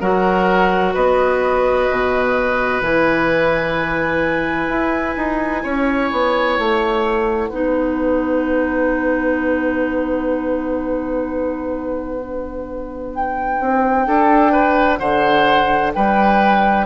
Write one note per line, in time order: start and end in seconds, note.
0.00 0.95 F#3
0.00 2.83 F#4
0.00 0.93 A#4
0.00 0.94 F#5
0.93 1.89 B3
0.93 5.62 B4
0.93 2.82 D#5
1.90 2.81 B2
2.81 4.68 E3
2.81 7.51 E4
2.81 6.58 G#5
4.68 5.15 E4
5.17 5.64 D#4
5.63 6.11 C#4
5.63 7.49 C#5
6.12 6.58 B3
6.58 7.50 A3
6.58 13.14 F#5
7.49 13.59 B3
7.49 12.20 D#4
7.49 14.05 B4
12.20 16.86 D4
13.14 14.97 G5
13.60 14.07 C4
14.07 15.00 D4
14.07 14.52 A4
14.52 14.99 B4
14.97 15.94 D3
14.97 15.93 C5
14.97 15.91 F#5
15.94 16.86 G3
15.94 16.86 B4
15.94 16.86 G5